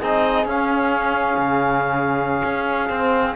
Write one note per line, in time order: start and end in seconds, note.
0.00 0.45 C4
0.00 0.47 D#4
0.00 3.36 G#4
0.00 0.47 D#5
0.45 1.38 C#4
0.45 2.91 C#4
0.45 3.36 F5
1.38 2.42 C#3
2.45 2.90 C#4
2.90 3.36 C4